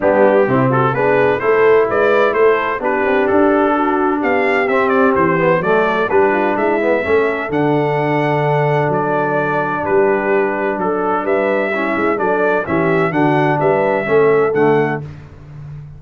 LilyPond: <<
  \new Staff \with { instrumentName = "trumpet" } { \time 4/4 \tempo 4 = 128 g'4. a'8 b'4 c''4 | d''4 c''4 b'4 a'4~ | a'4 f''4 e''8 d''8 c''4 | d''4 b'4 e''2 |
fis''2. d''4~ | d''4 b'2 a'4 | e''2 d''4 e''4 | fis''4 e''2 fis''4 | }
  \new Staff \with { instrumentName = "horn" } { \time 4/4 d'4 e'8 fis'8 gis'4 a'4 | b'4 a'4 g'2 | fis'4 g'2. | a'4 g'8 f'8 e'4 a'4~ |
a'1~ | a'4 g'2 a'4 | b'4 e'4 a'4 g'4 | fis'4 b'4 a'2 | }
  \new Staff \with { instrumentName = "trombone" } { \time 4/4 b4 c'4 d'4 e'4~ | e'2 d'2~ | d'2 c'4. b8 | a4 d'4. b8 cis'4 |
d'1~ | d'1~ | d'4 cis'4 d'4 cis'4 | d'2 cis'4 a4 | }
  \new Staff \with { instrumentName = "tuba" } { \time 4/4 g4 c4 b4 a4 | gis4 a4 b8 c'8 d'4~ | d'4 b4 c'4 e4 | fis4 g4 gis4 a4 |
d2. fis4~ | fis4 g2 fis4 | g4. gis8 fis4 e4 | d4 g4 a4 d4 | }
>>